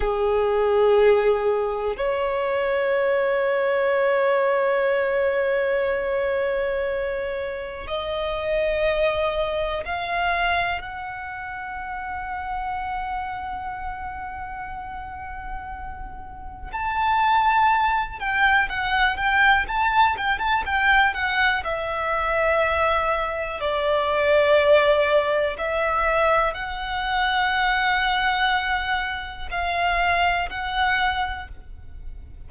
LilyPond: \new Staff \with { instrumentName = "violin" } { \time 4/4 \tempo 4 = 61 gis'2 cis''2~ | cis''1 | dis''2 f''4 fis''4~ | fis''1~ |
fis''4 a''4. g''8 fis''8 g''8 | a''8 g''16 a''16 g''8 fis''8 e''2 | d''2 e''4 fis''4~ | fis''2 f''4 fis''4 | }